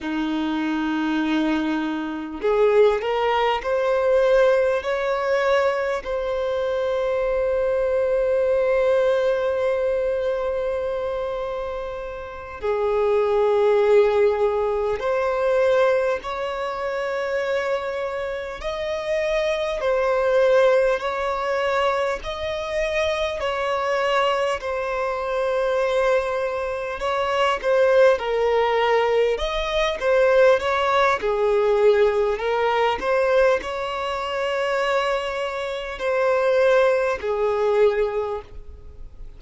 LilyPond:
\new Staff \with { instrumentName = "violin" } { \time 4/4 \tempo 4 = 50 dis'2 gis'8 ais'8 c''4 | cis''4 c''2.~ | c''2~ c''8 gis'4.~ | gis'8 c''4 cis''2 dis''8~ |
dis''8 c''4 cis''4 dis''4 cis''8~ | cis''8 c''2 cis''8 c''8 ais'8~ | ais'8 dis''8 c''8 cis''8 gis'4 ais'8 c''8 | cis''2 c''4 gis'4 | }